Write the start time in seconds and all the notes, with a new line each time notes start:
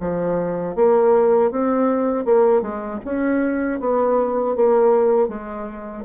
0.00 F3
0.75 A#3
1.51 C4
2.25 A#3
2.62 G#3
3.04 C#4
3.80 B3
4.56 A#3
5.28 G#3